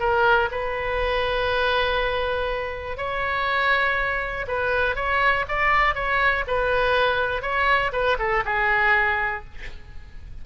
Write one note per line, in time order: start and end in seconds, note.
0.00 0.49 A#4
0.51 2.97 B4
2.97 4.46 C#5
4.48 4.96 B4
4.96 5.45 C#5
5.49 5.95 D5
5.95 6.45 C#5
6.47 7.42 B4
7.42 7.92 C#5
7.93 8.18 B4
8.19 8.44 A4
8.45 9.44 G#4